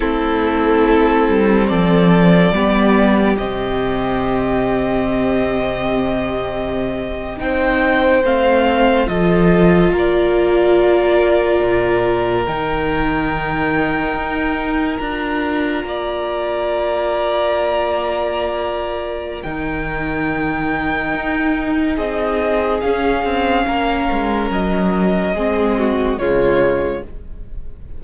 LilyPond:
<<
  \new Staff \with { instrumentName = "violin" } { \time 4/4 \tempo 4 = 71 a'2 d''2 | dis''1~ | dis''8. g''4 f''4 dis''4 d''16~ | d''2~ d''8. g''4~ g''16~ |
g''4.~ g''16 ais''2~ ais''16~ | ais''2. g''4~ | g''2 dis''4 f''4~ | f''4 dis''2 cis''4 | }
  \new Staff \with { instrumentName = "violin" } { \time 4/4 e'2 a'4 g'4~ | g'1~ | g'8. c''2 a'4 ais'16~ | ais'1~ |
ais'2~ ais'8. d''4~ d''16~ | d''2. ais'4~ | ais'2 gis'2 | ais'2 gis'8 fis'8 f'4 | }
  \new Staff \with { instrumentName = "viola" } { \time 4/4 c'2. b4 | c'1~ | c'8. dis'4 c'4 f'4~ f'16~ | f'2~ f'8. dis'4~ dis'16~ |
dis'4.~ dis'16 f'2~ f'16~ | f'2. dis'4~ | dis'2. cis'4~ | cis'2 c'4 gis4 | }
  \new Staff \with { instrumentName = "cello" } { \time 4/4 a4. g8 f4 g4 | c1~ | c8. c'4 a4 f4 ais16~ | ais4.~ ais16 ais,4 dis4~ dis16~ |
dis8. dis'4 d'4 ais4~ ais16~ | ais2. dis4~ | dis4 dis'4 c'4 cis'8 c'8 | ais8 gis8 fis4 gis4 cis4 | }
>>